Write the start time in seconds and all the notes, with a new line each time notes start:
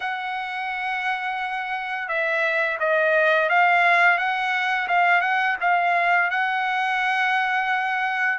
0.00 F#5
2.08 E5
2.79 D#5
3.49 F5
4.18 F#5
4.88 F5
5.21 F#5
5.60 F5
6.30 F#5